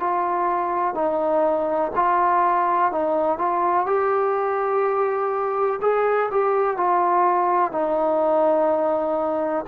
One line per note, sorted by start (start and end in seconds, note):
0.00 0.95 F4
0.95 1.92 D#4
1.96 2.92 F4
2.92 3.39 D#4
3.39 3.86 F4
3.86 5.80 G4
5.82 6.30 G#4
6.31 6.77 G4
6.77 7.72 F4
7.72 9.66 D#4